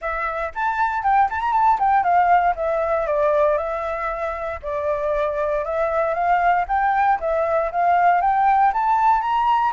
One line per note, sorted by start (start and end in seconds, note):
0.01 0.52 E5
0.54 1.03 A5
1.03 1.28 G5
1.30 1.40 A5
1.40 1.52 A#5
1.52 1.78 A5
1.79 2.03 G5
2.03 2.54 F5
2.55 3.06 E5
3.06 3.57 D5
3.57 4.60 E5
4.62 5.64 D5
5.64 6.14 E5
6.14 6.65 F5
6.67 7.19 G5
7.19 7.71 E5
7.71 8.21 F5
8.21 8.72 G5
8.73 9.21 A5
9.21 9.72 A#5